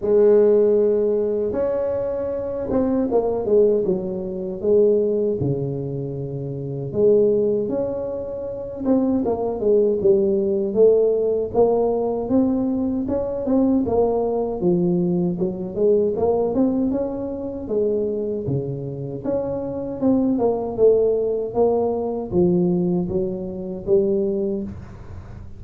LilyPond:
\new Staff \with { instrumentName = "tuba" } { \time 4/4 \tempo 4 = 78 gis2 cis'4. c'8 | ais8 gis8 fis4 gis4 cis4~ | cis4 gis4 cis'4. c'8 | ais8 gis8 g4 a4 ais4 |
c'4 cis'8 c'8 ais4 f4 | fis8 gis8 ais8 c'8 cis'4 gis4 | cis4 cis'4 c'8 ais8 a4 | ais4 f4 fis4 g4 | }